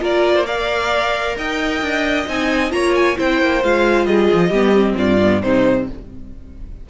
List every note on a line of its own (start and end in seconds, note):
0.00 1.37 A#3
0.00 0.45 F4
0.00 0.36 A#4
0.00 0.47 D5
0.36 0.46 C5
0.46 2.28 A#4
0.46 1.36 D5
0.46 1.37 F5
1.37 1.82 D#4
1.37 2.73 D#5
1.37 2.29 G5
1.82 2.27 D4
2.28 2.73 C4
2.28 2.71 D#4
2.28 2.72 G#5
2.71 3.18 A#3
2.71 3.16 F4
2.71 3.18 C#5
2.71 2.95 A#5
2.95 3.18 G#5
3.17 3.42 C4
3.17 3.62 E4
3.17 4.08 C5
3.17 3.64 G5
3.42 3.64 A#3
3.64 4.07 G#3
3.64 4.54 F4
3.64 4.06 F5
4.06 4.29 G3
4.06 4.49 G#4
4.06 4.96 D#5
4.33 4.50 F3
4.49 4.95 G3
4.49 4.73 B3
4.49 4.95 G4
4.73 5.19 C4
4.98 5.43 G2
4.98 5.43 F4
4.98 5.42 D5
5.23 5.43 B3
5.42 5.90 C3
5.42 5.88 C4
5.42 5.89 D#4
5.42 5.88 C5